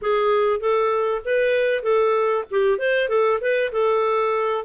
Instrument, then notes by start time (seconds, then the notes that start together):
clarinet
0.01 G#4
0.60 A4
1.24 B4
1.82 A4
2.51 G4
2.78 C5
3.08 A4
3.40 B4
3.71 A4